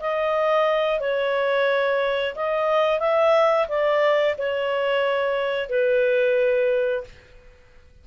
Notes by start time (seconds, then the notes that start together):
0.00 D#5
1.00 C#5
2.35 D#5
3.00 E5
3.68 D5
4.38 C#5
5.69 B4